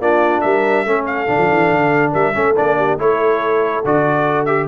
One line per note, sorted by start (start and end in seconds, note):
0.00 0.43 A#3
0.00 0.86 D4
0.00 0.43 F4
0.00 0.41 D5
0.41 0.85 G3
0.41 0.85 A#4
0.41 1.05 E5
0.85 1.28 A3
0.85 1.27 C#4
0.85 2.12 A4
1.06 2.12 F5
1.27 1.38 D3
1.27 2.34 D4
1.38 1.49 F3
1.52 1.72 E3
1.72 2.14 D3
2.12 2.35 G3
2.12 2.33 A#4
2.12 2.56 E5
2.34 2.56 A3
2.34 2.55 C#4
2.34 2.78 A4
2.56 2.99 A#3
2.56 2.99 D4
2.56 2.99 D5
2.78 2.99 G4
2.99 3.84 A3
2.99 3.84 E4
2.99 4.68 A4
2.99 3.85 C#5
3.85 4.68 D3
3.85 4.47 F#4
3.85 4.45 D5
4.45 4.68 G4
4.45 4.66 E5